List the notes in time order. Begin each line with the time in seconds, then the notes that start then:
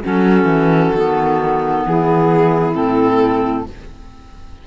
0.00 F#3 C#4 F#4 A4
0.44 E3
0.94 D#3 B3
1.84 E3 E4 G#4
2.74 A2 C4 A4